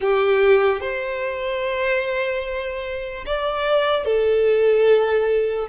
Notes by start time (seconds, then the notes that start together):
0.00 G4
0.81 C5
3.26 D5
4.05 A4